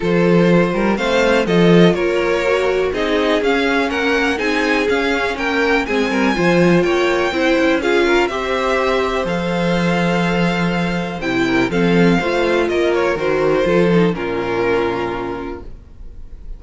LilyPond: <<
  \new Staff \with { instrumentName = "violin" } { \time 4/4 \tempo 4 = 123 c''2 f''4 dis''4 | cis''2 dis''4 f''4 | fis''4 gis''4 f''4 g''4 | gis''2 g''2 |
f''4 e''2 f''4~ | f''2. g''4 | f''2 dis''8 cis''8 c''4~ | c''4 ais'2. | }
  \new Staff \with { instrumentName = "violin" } { \time 4/4 a'4. ais'8 c''4 a'4 | ais'2 gis'2 | ais'4 gis'2 ais'4 | gis'8 ais'8 c''4 cis''4 c''4 |
gis'8 ais'8 c''2.~ | c''2.~ c''8 ais'8 | a'4 c''4 ais'2 | a'4 f'2. | }
  \new Staff \with { instrumentName = "viola" } { \time 4/4 f'2 c'4 f'4~ | f'4 fis'4 dis'4 cis'4~ | cis'4 dis'4 cis'2 | c'4 f'2 e'4 |
f'4 g'2 a'4~ | a'2. e'4 | c'4 f'2 fis'4 | f'8 dis'8 cis'2. | }
  \new Staff \with { instrumentName = "cello" } { \time 4/4 f4. g8 a4 f4 | ais2 c'4 cis'4 | ais4 c'4 cis'4 ais4 | gis8 g8 f4 ais4 c'8 cis'8~ |
cis'4 c'2 f4~ | f2. c4 | f4 a4 ais4 dis4 | f4 ais,2. | }
>>